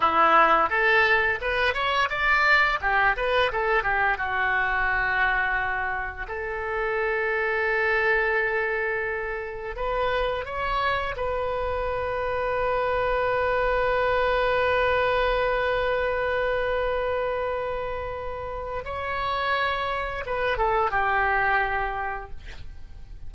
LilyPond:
\new Staff \with { instrumentName = "oboe" } { \time 4/4 \tempo 4 = 86 e'4 a'4 b'8 cis''8 d''4 | g'8 b'8 a'8 g'8 fis'2~ | fis'4 a'2.~ | a'2 b'4 cis''4 |
b'1~ | b'1~ | b'2. cis''4~ | cis''4 b'8 a'8 g'2 | }